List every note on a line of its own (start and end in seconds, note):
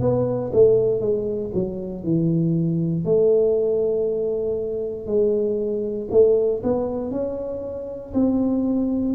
0.00 0.51 B3
0.53 1.00 A3
1.00 1.51 G#3
1.54 2.03 F#3
2.03 3.05 E3
3.05 5.06 A3
5.06 6.08 G#3
6.11 6.62 A3
6.63 7.11 B3
7.11 8.13 C#4
8.14 9.15 C4